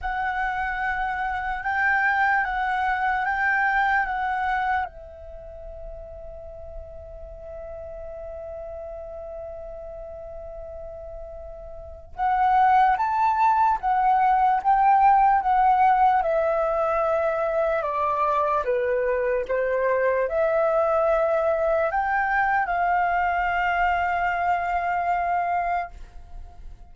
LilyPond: \new Staff \with { instrumentName = "flute" } { \time 4/4 \tempo 4 = 74 fis''2 g''4 fis''4 | g''4 fis''4 e''2~ | e''1~ | e''2. fis''4 |
a''4 fis''4 g''4 fis''4 | e''2 d''4 b'4 | c''4 e''2 g''4 | f''1 | }